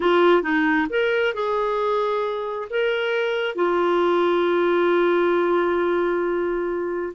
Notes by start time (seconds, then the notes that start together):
0.00 F4
0.42 D#4
0.89 A#4
1.34 G#4
2.70 A#4
3.55 F4